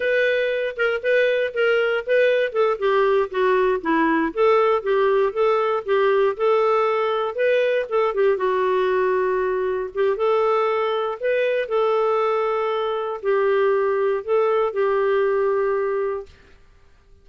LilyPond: \new Staff \with { instrumentName = "clarinet" } { \time 4/4 \tempo 4 = 118 b'4. ais'8 b'4 ais'4 | b'4 a'8 g'4 fis'4 e'8~ | e'8 a'4 g'4 a'4 g'8~ | g'8 a'2 b'4 a'8 |
g'8 fis'2. g'8 | a'2 b'4 a'4~ | a'2 g'2 | a'4 g'2. | }